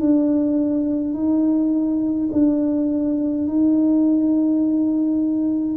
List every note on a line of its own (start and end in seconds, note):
0.00 1.14 D4
1.14 2.30 D#4
2.32 3.48 D4
3.48 5.77 D#4